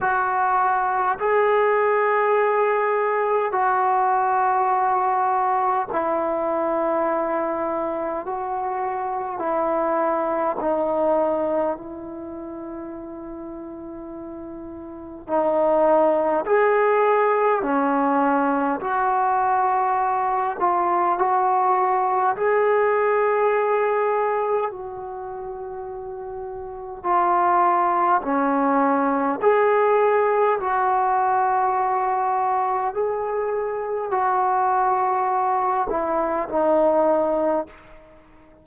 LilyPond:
\new Staff \with { instrumentName = "trombone" } { \time 4/4 \tempo 4 = 51 fis'4 gis'2 fis'4~ | fis'4 e'2 fis'4 | e'4 dis'4 e'2~ | e'4 dis'4 gis'4 cis'4 |
fis'4. f'8 fis'4 gis'4~ | gis'4 fis'2 f'4 | cis'4 gis'4 fis'2 | gis'4 fis'4. e'8 dis'4 | }